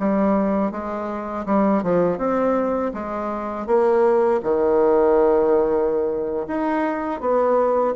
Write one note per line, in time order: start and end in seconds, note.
0.00 0.72 G3
0.72 1.46 G#3
1.46 1.84 G3
1.84 2.19 F3
2.19 2.93 C4
2.94 3.67 G#3
3.67 4.41 A#3
4.43 6.47 D#3
6.48 7.21 D#4
7.21 7.95 B3